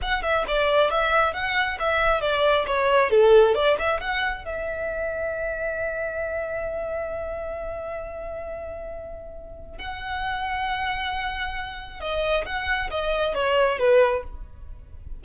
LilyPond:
\new Staff \with { instrumentName = "violin" } { \time 4/4 \tempo 4 = 135 fis''8 e''8 d''4 e''4 fis''4 | e''4 d''4 cis''4 a'4 | d''8 e''8 fis''4 e''2~ | e''1~ |
e''1~ | e''2 fis''2~ | fis''2. dis''4 | fis''4 dis''4 cis''4 b'4 | }